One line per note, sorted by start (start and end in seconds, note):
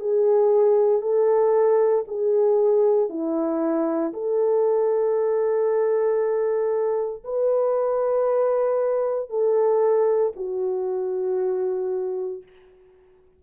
0.00 1.02 G#4
1.02 2.05 A4
2.08 3.09 G#4
3.09 4.13 E4
4.13 7.24 A4
7.24 9.30 B4
9.30 10.33 A4
10.36 12.43 F#4